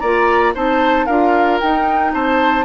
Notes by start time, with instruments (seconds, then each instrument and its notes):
0.00 bassoon A#3, clarinet F4, oboe D5, flute A#5
0.55 bassoon C4, clarinet D#4, oboe C5, flute A5
1.06 bassoon D4, clarinet F4, oboe A#4, flute F5
1.60 clarinet D#4, bassoon D#4, flute G5
2.14 bassoon C4, oboe C5, flute A5